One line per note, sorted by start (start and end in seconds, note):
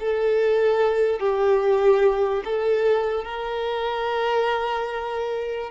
0.00 1.20 A4
1.20 2.44 G4
2.45 3.25 A4
3.25 5.71 A#4